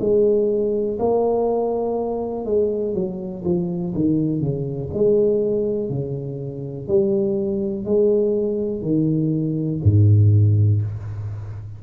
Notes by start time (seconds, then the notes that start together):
0.00 G#3
0.99 A#3
2.45 G#3
2.94 F#3
3.45 F3
3.95 D#3
4.41 C#3
4.94 G#3
5.89 C#3
6.88 G3
7.85 G#3
8.82 D#3
9.84 G#2